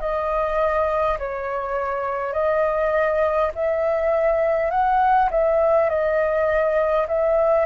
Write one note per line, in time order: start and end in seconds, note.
0.00 1.18 D#5
1.18 2.33 C#5
2.33 3.50 D#5
3.55 4.71 E5
4.71 5.29 F#5
5.30 5.89 E5
5.89 7.07 D#5
7.07 7.65 E5